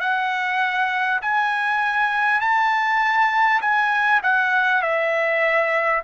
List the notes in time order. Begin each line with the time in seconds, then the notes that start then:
0.00 F#5
1.21 G#5
2.41 A5
3.61 G#5
4.23 F#5
4.82 E5